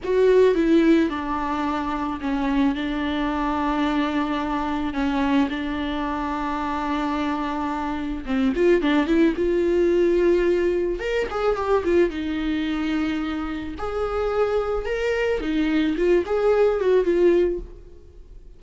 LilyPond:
\new Staff \with { instrumentName = "viola" } { \time 4/4 \tempo 4 = 109 fis'4 e'4 d'2 | cis'4 d'2.~ | d'4 cis'4 d'2~ | d'2. c'8 f'8 |
d'8 e'8 f'2. | ais'8 gis'8 g'8 f'8 dis'2~ | dis'4 gis'2 ais'4 | dis'4 f'8 gis'4 fis'8 f'4 | }